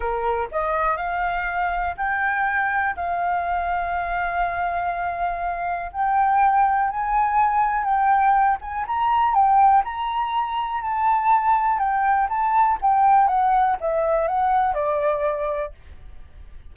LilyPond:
\new Staff \with { instrumentName = "flute" } { \time 4/4 \tempo 4 = 122 ais'4 dis''4 f''2 | g''2 f''2~ | f''1 | g''2 gis''2 |
g''4. gis''8 ais''4 g''4 | ais''2 a''2 | g''4 a''4 g''4 fis''4 | e''4 fis''4 d''2 | }